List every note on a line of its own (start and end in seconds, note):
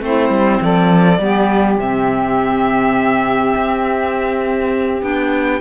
0.00 0.30 A3
0.00 1.18 C4
0.00 0.62 E4
0.00 0.63 C5
0.30 0.59 G3
0.61 1.19 F3
0.61 1.21 A4
0.61 1.80 D5
1.19 1.78 G3
1.19 1.80 B3
1.19 5.62 G4
1.78 3.54 C3
1.78 5.02 C4
1.78 5.03 E5
3.56 5.02 C4
5.02 5.61 B3
5.02 5.61 D4
5.02 5.62 G5